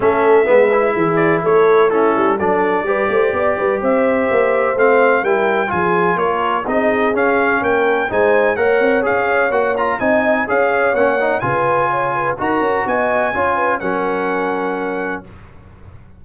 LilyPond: <<
  \new Staff \with { instrumentName = "trumpet" } { \time 4/4 \tempo 4 = 126 e''2~ e''8 d''8 cis''4 | a'4 d''2. | e''2 f''4 g''4 | gis''4 cis''4 dis''4 f''4 |
g''4 gis''4 fis''4 f''4 | fis''8 ais''8 gis''4 f''4 fis''4 | gis''2 ais''4 gis''4~ | gis''4 fis''2. | }
  \new Staff \with { instrumentName = "horn" } { \time 4/4 a'4 b'4 gis'4 a'4 | e'4 a'4 b'8 c''8 d''8 b'8 | c''2. ais'4 | gis'4 ais'4 gis'2 |
ais'4 c''4 cis''2~ | cis''4 dis''4 cis''2 | b'4 cis''8 b'8 ais'4 dis''4 | cis''8 b'8 ais'2. | }
  \new Staff \with { instrumentName = "trombone" } { \time 4/4 cis'4 b8 e'2~ e'8 | cis'4 d'4 g'2~ | g'2 c'4 e'4 | f'2 dis'4 cis'4~ |
cis'4 dis'4 ais'4 gis'4 | fis'8 f'8 dis'4 gis'4 cis'8 dis'8 | f'2 fis'2 | f'4 cis'2. | }
  \new Staff \with { instrumentName = "tuba" } { \time 4/4 a4 gis4 e4 a4~ | a8 g8 fis4 g8 a8 b8 g8 | c'4 ais4 a4 g4 | f4 ais4 c'4 cis'4 |
ais4 gis4 ais8 c'8 cis'4 | ais4 c'4 cis'4 ais4 | cis2 dis'8 cis'8 b4 | cis'4 fis2. | }
>>